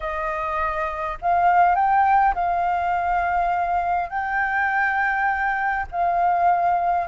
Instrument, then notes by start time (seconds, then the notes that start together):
flute
0.00 D#5
1.21 F5
1.75 G5
2.34 F5
4.09 G5
5.91 F5